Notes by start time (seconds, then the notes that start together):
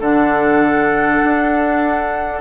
0.00 D3 D4 A4 F#5
1.24 D4